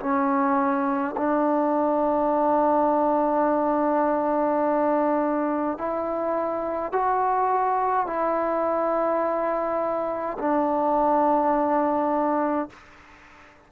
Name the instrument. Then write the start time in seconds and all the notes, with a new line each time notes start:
trombone
0.00 C#4
1.17 D4
5.77 E4
6.92 F#4
8.07 E4
10.38 D4